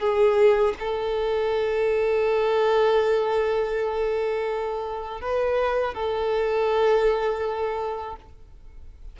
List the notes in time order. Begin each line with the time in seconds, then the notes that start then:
0.00 G#4
0.79 A4
5.21 B4
5.94 A4